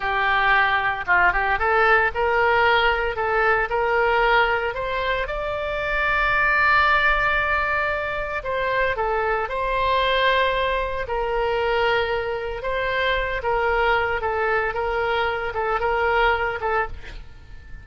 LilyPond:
\new Staff \with { instrumentName = "oboe" } { \time 4/4 \tempo 4 = 114 g'2 f'8 g'8 a'4 | ais'2 a'4 ais'4~ | ais'4 c''4 d''2~ | d''1 |
c''4 a'4 c''2~ | c''4 ais'2. | c''4. ais'4. a'4 | ais'4. a'8 ais'4. a'8 | }